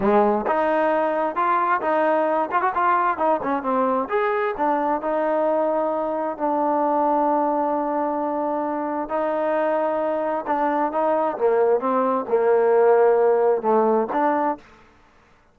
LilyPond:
\new Staff \with { instrumentName = "trombone" } { \time 4/4 \tempo 4 = 132 gis4 dis'2 f'4 | dis'4. f'16 fis'16 f'4 dis'8 cis'8 | c'4 gis'4 d'4 dis'4~ | dis'2 d'2~ |
d'1 | dis'2. d'4 | dis'4 ais4 c'4 ais4~ | ais2 a4 d'4 | }